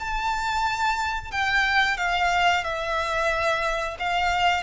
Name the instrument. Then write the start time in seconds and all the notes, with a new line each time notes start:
violin
0.00 A5
1.31 G5
1.97 F5
2.64 E5
3.99 F5